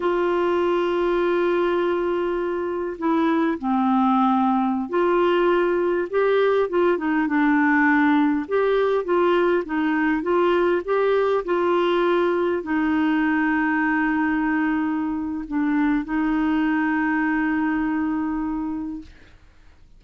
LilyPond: \new Staff \with { instrumentName = "clarinet" } { \time 4/4 \tempo 4 = 101 f'1~ | f'4 e'4 c'2~ | c'16 f'2 g'4 f'8 dis'16~ | dis'16 d'2 g'4 f'8.~ |
f'16 dis'4 f'4 g'4 f'8.~ | f'4~ f'16 dis'2~ dis'8.~ | dis'2 d'4 dis'4~ | dis'1 | }